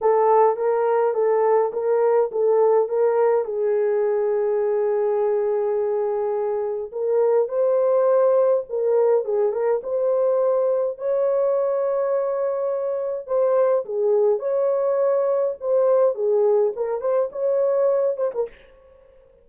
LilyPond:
\new Staff \with { instrumentName = "horn" } { \time 4/4 \tempo 4 = 104 a'4 ais'4 a'4 ais'4 | a'4 ais'4 gis'2~ | gis'1 | ais'4 c''2 ais'4 |
gis'8 ais'8 c''2 cis''4~ | cis''2. c''4 | gis'4 cis''2 c''4 | gis'4 ais'8 c''8 cis''4. c''16 ais'16 | }